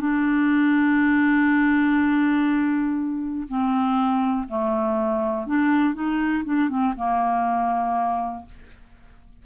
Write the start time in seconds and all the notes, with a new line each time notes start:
0.00 D4
3.48 C4
4.48 A3
5.47 D4
5.94 D#4
6.45 D4
6.69 C4
6.97 A#3